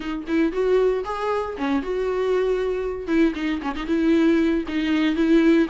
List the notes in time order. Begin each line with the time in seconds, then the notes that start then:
0.00 D#4
0.27 E4
0.52 F#4
1.04 G#4
1.57 C#4
1.82 F#4
3.07 E4
3.35 D#4
3.62 C#4
3.75 D#4
3.86 E4
4.68 D#4
5.15 E4